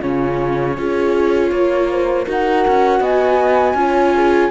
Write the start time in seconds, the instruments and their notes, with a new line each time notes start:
0.00 cello C#3, viola C#4, horn F4, flute C#5
0.78 cello C#4, viola F4, horn G#4
1.50 cello A#3, horn C#5
1.91 horn C5
2.25 cello D#4, viola F#4, horn A#4, flute F#5
2.68 cello C#4
3.00 cello B3, horn D#5, flute G#5
3.74 cello C#4, viola F4, horn C#5
4.15 horn G#4